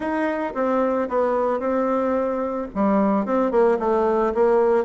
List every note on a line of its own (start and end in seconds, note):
0.00 0.53 D#4
0.54 1.08 C4
1.08 1.59 B3
1.59 2.67 C4
2.74 3.25 G3
3.25 3.51 C4
3.51 3.78 A#3
3.79 4.33 A3
4.34 4.84 A#3